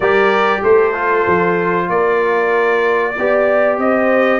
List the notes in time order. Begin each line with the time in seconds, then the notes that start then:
0.00 G3 G4 A#4 D5
0.61 A3 A4 C5
0.93 F4
1.27 F3
1.89 A#3 A#4 D5
3.17 B3 G4 D5
3.78 C4 C5 D#5